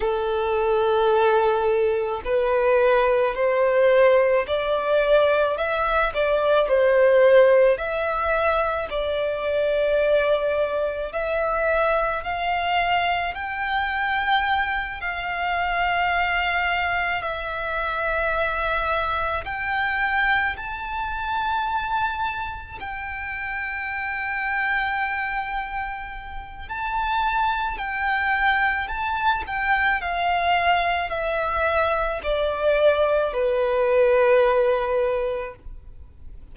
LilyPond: \new Staff \with { instrumentName = "violin" } { \time 4/4 \tempo 4 = 54 a'2 b'4 c''4 | d''4 e''8 d''8 c''4 e''4 | d''2 e''4 f''4 | g''4. f''2 e''8~ |
e''4. g''4 a''4.~ | a''8 g''2.~ g''8 | a''4 g''4 a''8 g''8 f''4 | e''4 d''4 b'2 | }